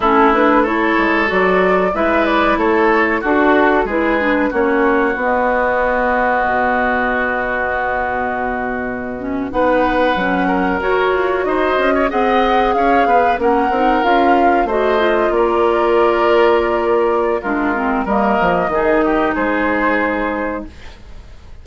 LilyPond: <<
  \new Staff \with { instrumentName = "flute" } { \time 4/4 \tempo 4 = 93 a'8 b'8 cis''4 d''4 e''8 d''8 | cis''4 a'4 b'4 cis''4 | dis''1~ | dis''2~ dis''8. fis''4~ fis''16~ |
fis''8. cis''4 dis''4 fis''4 f''16~ | f''8. fis''4 f''4 dis''4 d''16~ | d''2. ais'4 | dis''2 c''2 | }
  \new Staff \with { instrumentName = "oboe" } { \time 4/4 e'4 a'2 b'4 | a'4 fis'4 gis'4 fis'4~ | fis'1~ | fis'2~ fis'8. b'4~ b'16~ |
b'16 ais'4. c''8. cis''16 dis''4 cis''16~ | cis''16 b'8 ais'2 c''4 ais'16~ | ais'2. f'4 | ais'4 gis'8 g'8 gis'2 | }
  \new Staff \with { instrumentName = "clarinet" } { \time 4/4 cis'8 d'8 e'4 fis'4 e'4~ | e'4 fis'4 e'8 d'8 cis'4 | b1~ | b2~ b16 cis'8 dis'4 cis'16~ |
cis'8. fis'2 gis'4~ gis'16~ | gis'8. cis'8 dis'8 f'4 fis'8 f'8.~ | f'2. d'8 c'8 | ais4 dis'2. | }
  \new Staff \with { instrumentName = "bassoon" } { \time 4/4 a4. gis8 fis4 gis4 | a4 d'4 gis4 ais4 | b2 b,2~ | b,2~ b,8. b4 fis16~ |
fis8. fis'8 f'8 dis'8 cis'8 c'4 cis'16~ | cis'16 b8 ais8 c'8 cis'4 a4 ais16~ | ais2. gis4 | g8 f8 dis4 gis2 | }
>>